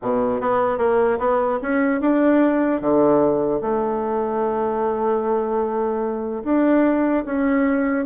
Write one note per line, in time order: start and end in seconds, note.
0.02 0.40 B2
0.40 0.78 B3
0.78 1.18 A#3
1.18 1.59 B3
1.62 2.00 C#4
2.00 2.81 D4
2.81 3.61 D3
3.61 6.43 A3
6.44 7.24 D4
7.25 8.05 C#4